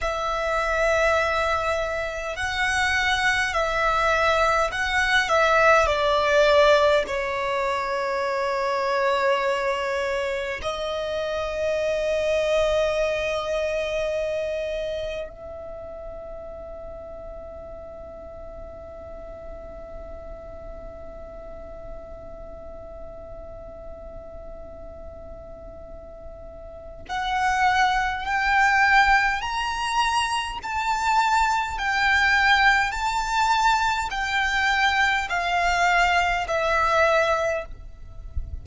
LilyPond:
\new Staff \with { instrumentName = "violin" } { \time 4/4 \tempo 4 = 51 e''2 fis''4 e''4 | fis''8 e''8 d''4 cis''2~ | cis''4 dis''2.~ | dis''4 e''2.~ |
e''1~ | e''2. fis''4 | g''4 ais''4 a''4 g''4 | a''4 g''4 f''4 e''4 | }